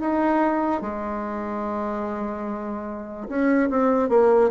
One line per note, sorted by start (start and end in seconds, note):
0.00 0.81 D#4
0.81 3.28 G#3
3.29 3.70 C#4
3.70 4.09 C4
4.09 4.51 A#3